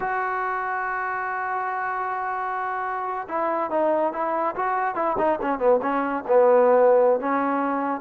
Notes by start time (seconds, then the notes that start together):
0.00 F#4
3.28 E4
3.70 D#4
4.12 E4
4.55 F#4
4.95 E4
5.18 D#4
5.41 C#4
5.59 B3
5.81 C#4
6.27 B3
7.19 C#4